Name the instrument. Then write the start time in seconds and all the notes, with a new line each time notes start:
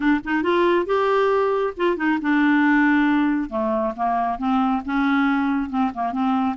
clarinet
0.00 D4
0.24 D#4
0.42 F4
0.86 G4
1.76 F4
1.96 D#4
2.21 D4
3.49 A3
3.96 A#3
4.38 C4
4.85 C#4
5.69 C4
5.93 A#3
6.12 C4